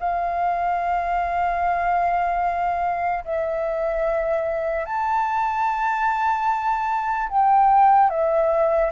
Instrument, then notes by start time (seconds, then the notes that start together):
flute
0.00 F5
3.24 E5
4.85 A5
7.29 G5
8.10 E5